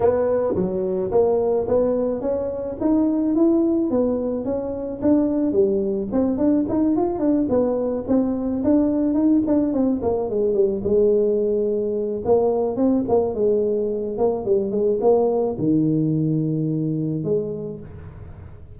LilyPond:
\new Staff \with { instrumentName = "tuba" } { \time 4/4 \tempo 4 = 108 b4 fis4 ais4 b4 | cis'4 dis'4 e'4 b4 | cis'4 d'4 g4 c'8 d'8 | dis'8 f'8 d'8 b4 c'4 d'8~ |
d'8 dis'8 d'8 c'8 ais8 gis8 g8 gis8~ | gis2 ais4 c'8 ais8 | gis4. ais8 g8 gis8 ais4 | dis2. gis4 | }